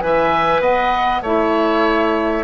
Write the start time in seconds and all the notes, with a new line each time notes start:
0.00 E3 B4 G#5
0.06 E5
0.60 B3 D#5 F#5
1.22 A3 E4 C#5 E5